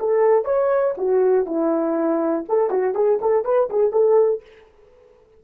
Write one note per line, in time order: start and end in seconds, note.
0.00 0.45 A4
0.45 0.95 C#5
0.98 1.46 F#4
1.46 2.45 E4
2.49 2.71 A4
2.71 2.95 F#4
2.95 3.20 G#4
3.22 3.45 A4
3.45 3.70 B4
3.70 3.92 G#4
3.92 4.42 A4